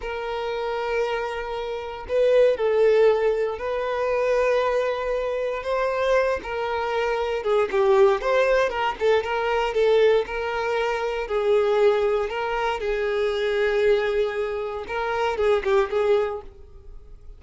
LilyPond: \new Staff \with { instrumentName = "violin" } { \time 4/4 \tempo 4 = 117 ais'1 | b'4 a'2 b'4~ | b'2. c''4~ | c''8 ais'2 gis'8 g'4 |
c''4 ais'8 a'8 ais'4 a'4 | ais'2 gis'2 | ais'4 gis'2.~ | gis'4 ais'4 gis'8 g'8 gis'4 | }